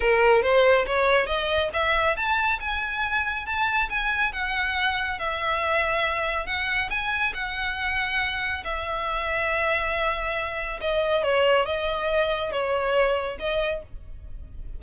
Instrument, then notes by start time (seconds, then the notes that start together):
violin
0.00 A#4
0.42 C5
0.86 C#5
1.26 D#5
1.73 E5
2.16 A5
2.60 G#5
3.46 A5
3.89 G#5
4.32 F#5
5.19 E5
6.46 F#5
6.90 G#5
7.34 F#5
8.64 E5
10.81 D#5
11.23 C#5
11.65 D#5
12.51 C#5
13.39 D#5